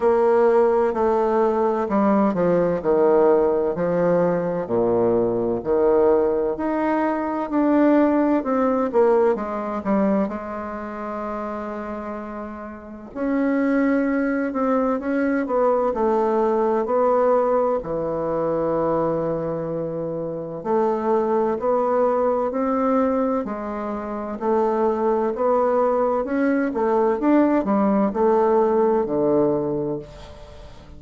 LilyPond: \new Staff \with { instrumentName = "bassoon" } { \time 4/4 \tempo 4 = 64 ais4 a4 g8 f8 dis4 | f4 ais,4 dis4 dis'4 | d'4 c'8 ais8 gis8 g8 gis4~ | gis2 cis'4. c'8 |
cis'8 b8 a4 b4 e4~ | e2 a4 b4 | c'4 gis4 a4 b4 | cis'8 a8 d'8 g8 a4 d4 | }